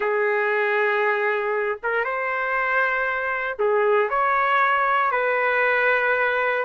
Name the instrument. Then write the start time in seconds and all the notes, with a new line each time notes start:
trumpet
0.00 G#4
1.83 A#4
2.04 C5
3.58 G#4
4.09 C#5
5.11 B4